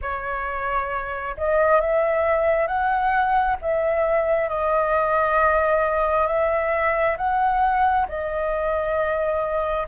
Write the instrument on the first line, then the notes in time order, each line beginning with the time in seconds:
flute
0.01 C#5
1.37 D#5
1.80 E5
2.67 F#5
3.61 E5
4.49 D#5
6.27 E5
7.17 F#5
8.08 D#5